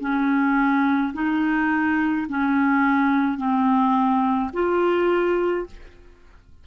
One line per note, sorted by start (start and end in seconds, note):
0.00 1.13 C#4
1.14 2.27 D#4
2.28 3.38 C#4
3.38 4.51 C4
4.53 5.66 F4